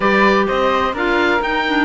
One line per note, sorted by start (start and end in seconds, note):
0.00 0.47 G3
0.00 0.93 G4
0.00 0.46 B4
0.00 0.46 D5
0.47 0.93 C4
0.47 0.94 C5
0.47 0.94 D#5
0.93 1.40 D4
0.93 1.40 F4
0.93 1.84 A#4
0.93 1.42 F5
1.40 1.63 D#4
1.40 1.84 D#4
1.40 1.84 G5
1.67 1.84 D4